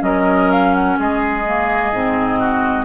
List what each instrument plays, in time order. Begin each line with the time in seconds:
0.00 bassoon F#3, clarinet C#4, oboe A#4, flute D#5
0.51 flute F5
0.74 flute F#5
0.99 bassoon G#3, oboe G#4, flute D#5
1.46 clarinet A#3
1.92 bassoon G#2, clarinet C4
2.40 oboe F#4